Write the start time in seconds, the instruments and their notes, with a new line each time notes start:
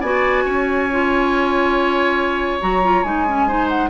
0.00 bassoon B3, clarinet F#4, oboe D5, flute G#5
0.44 bassoon C#4, oboe C#5
0.91 clarinet F4
2.60 bassoon F#3, clarinet F#4, flute A#5
2.83 clarinet F4
3.03 bassoon G#3, clarinet D#4, flute G#5
3.27 clarinet C#4
3.47 clarinet D#4, oboe C5
3.68 flute F#5